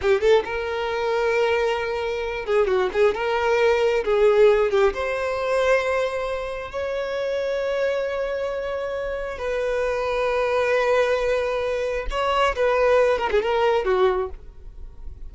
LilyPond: \new Staff \with { instrumentName = "violin" } { \time 4/4 \tempo 4 = 134 g'8 a'8 ais'2.~ | ais'4. gis'8 fis'8 gis'8 ais'4~ | ais'4 gis'4. g'8 c''4~ | c''2. cis''4~ |
cis''1~ | cis''4 b'2.~ | b'2. cis''4 | b'4. ais'16 gis'16 ais'4 fis'4 | }